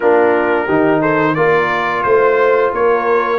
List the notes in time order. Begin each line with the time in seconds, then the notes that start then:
0.00 A#3 D4 F4 A#4
0.65 D#3 D#4 G4
1.00 A4 C5
1.34 A#3 F4 A#4 D5
2.02 A3 C5
2.73 A#3 A#4 C#5